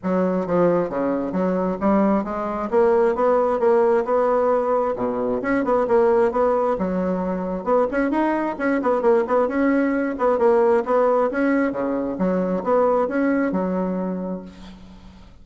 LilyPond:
\new Staff \with { instrumentName = "bassoon" } { \time 4/4 \tempo 4 = 133 fis4 f4 cis4 fis4 | g4 gis4 ais4 b4 | ais4 b2 b,4 | cis'8 b8 ais4 b4 fis4~ |
fis4 b8 cis'8 dis'4 cis'8 b8 | ais8 b8 cis'4. b8 ais4 | b4 cis'4 cis4 fis4 | b4 cis'4 fis2 | }